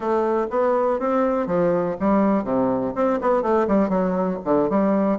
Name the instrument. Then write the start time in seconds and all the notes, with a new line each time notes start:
bassoon
0.00 A3
0.50 B3
0.99 C4
1.46 F3
2.00 G3
2.44 C3
2.95 C4
3.21 B3
3.42 A3
3.67 G3
3.89 F#3
4.45 D3
4.69 G3